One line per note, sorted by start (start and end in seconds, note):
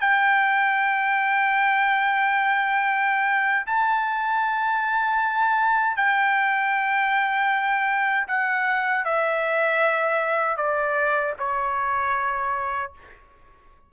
0.00 3.65 G5
3.66 5.96 A5
5.96 8.27 G5
8.27 9.04 F#5
9.05 10.57 E5
10.57 11.34 D5
11.38 12.92 C#5